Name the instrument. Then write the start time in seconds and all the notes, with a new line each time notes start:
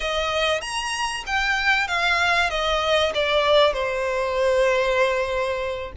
violin
0.00 D#5
0.61 A#5
1.26 G5
1.87 F5
2.50 D#5
3.14 D5
3.73 C5